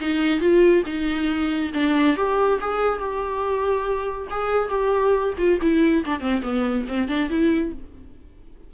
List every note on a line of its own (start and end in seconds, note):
0.00 0.40 D#4
0.40 0.83 F4
0.85 1.71 D#4
1.74 2.16 D4
2.16 2.59 G4
2.60 2.99 G#4
2.99 4.27 G4
4.30 4.69 G#4
4.69 5.33 G4
5.37 5.59 F4
5.61 6.04 E4
6.05 6.20 D4
6.20 6.41 C4
6.42 6.85 B3
6.87 7.08 C4
7.08 7.29 D4
7.30 7.72 E4